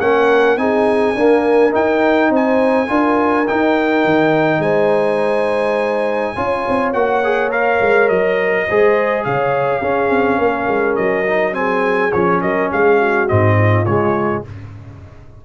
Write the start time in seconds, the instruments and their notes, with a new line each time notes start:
0.00 tuba A#3, trombone C#4, horn A#4, trumpet F#5
0.57 tuba C4, trombone D#4, horn G#4, trumpet G#5
1.15 trombone A#3, tuba D4, horn A#4
1.71 trombone D#4, tuba D#4, trumpet G5
2.30 tuba C4, horn C5, trumpet G#5
2.87 tuba D4, trombone F4, horn A#4
3.47 trombone D#4, tuba D#4, trumpet G5
4.05 tuba D#3
4.59 tuba G#3, horn C5, trumpet G#5
6.35 tuba C#4, trombone F4, horn C#5
6.68 tuba C4
6.93 tuba A#3, trombone F#4, trumpet F#5
7.24 trombone G#4
7.50 trombone A#4, trumpet F5
7.81 tuba G#3
8.09 tuba F#3, trumpet D#5
8.67 tuba G#3, trombone G#4, horn C5
9.24 tuba C#3, horn C#5, trumpet F5
9.81 tuba C#4, trombone C#4, horn G#4
10.09 tuba C4
10.38 tuba A#3, horn A#4
10.68 tuba G#3
10.96 tuba F#3, trumpet D#5
11.26 trombone D#4
11.52 trombone C4, horn G#4, trumpet G#5
12.12 tuba F3, trombone C#4, trumpet C#5
12.41 tuba F#3, horn A#4, trumpet D#5
12.72 tuba G#3, horn G#4, trumpet F5
12.99 horn F#4
13.28 tuba G#2, trombone C4, trumpet D#5
13.58 horn F4
13.85 tuba C#3, trombone G#3, trumpet C#5